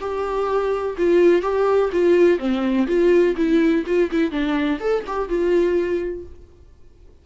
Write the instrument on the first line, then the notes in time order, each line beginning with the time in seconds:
viola
0.00 G4
0.97 F4
1.42 G4
1.92 F4
2.38 C4
2.87 F4
3.36 E4
3.86 F4
4.11 E4
4.31 D4
4.80 A4
5.06 G4
5.28 F4